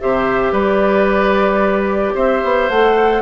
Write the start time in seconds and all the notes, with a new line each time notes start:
0.00 C3 G4 C5 E5
0.52 G3 B4 D5
2.14 C4 C5 E5
2.44 B3
2.69 A3 A4 F#5